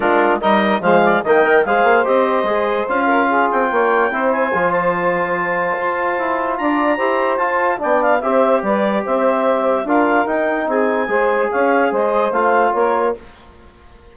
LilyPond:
<<
  \new Staff \with { instrumentName = "clarinet" } { \time 4/4 \tempo 4 = 146 ais'4 dis''4 f''4 g''4 | f''4 dis''2 f''4~ | f''8 g''2 gis''4 a''8~ | a''1 |
ais''2 a''4 g''8 f''8 | e''4 d''4 e''2 | f''4 g''4 gis''2 | f''4 dis''4 f''4 cis''4 | }
  \new Staff \with { instrumentName = "saxophone" } { \time 4/4 f'4 ais'4 c''8 d''8 dis''4 | c''2.~ c''8 ais'8 | gis'4 cis''4 c''2~ | c''1 |
d''4 c''2 d''4 | c''4 b'4 c''2 | ais'2 gis'4 c''4 | cis''4 c''2 ais'4 | }
  \new Staff \with { instrumentName = "trombone" } { \time 4/4 d'4 dis'4 gis4 ais8 ais'8 | gis'4 g'4 gis'4 f'4~ | f'2 e'4 f'4~ | f'1~ |
f'4 g'4 f'4 d'4 | g'1 | f'4 dis'2 gis'4~ | gis'2 f'2 | }
  \new Staff \with { instrumentName = "bassoon" } { \time 4/4 gis4 g4 f4 dis4 | gis8 ais8 c'4 gis4 cis'4~ | cis'8 c'8 ais4 c'4 f4~ | f2 f'4 e'4 |
d'4 e'4 f'4 b4 | c'4 g4 c'2 | d'4 dis'4 c'4 gis4 | cis'4 gis4 a4 ais4 | }
>>